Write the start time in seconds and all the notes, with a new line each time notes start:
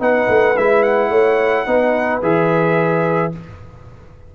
0.00 B3 D#4 B4 F#5
0.29 A3
0.57 G#3 E4 E5
0.83 F#5
1.10 A3 C#5
1.67 B3 D#4 B4
2.22 E3 G#4 E5